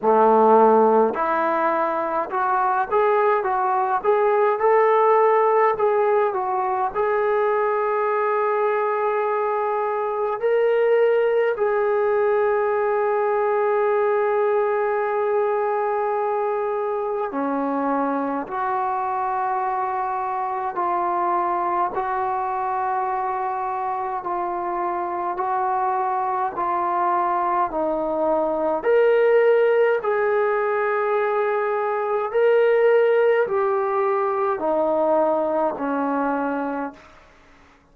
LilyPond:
\new Staff \with { instrumentName = "trombone" } { \time 4/4 \tempo 4 = 52 a4 e'4 fis'8 gis'8 fis'8 gis'8 | a'4 gis'8 fis'8 gis'2~ | gis'4 ais'4 gis'2~ | gis'2. cis'4 |
fis'2 f'4 fis'4~ | fis'4 f'4 fis'4 f'4 | dis'4 ais'4 gis'2 | ais'4 g'4 dis'4 cis'4 | }